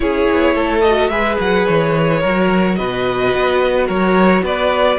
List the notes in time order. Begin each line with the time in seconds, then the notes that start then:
0.00 C#4 E4 G#4 C#5
0.31 B3
0.54 A3 A4
0.80 F#4 D#5
1.08 G#3 G#4 B4 E5
1.40 F#3 F#5
1.66 E3 C#5
2.20 F#3 F#4 A#4
2.75 B2 B4 D#5
3.34 B3
3.86 F#3 A#4 C#5
4.42 B3 B4 D5